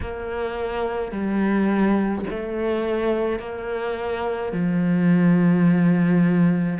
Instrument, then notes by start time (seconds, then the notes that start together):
cello
0.00 A#3
1.11 G3
2.30 A3
3.39 A#3
4.52 F3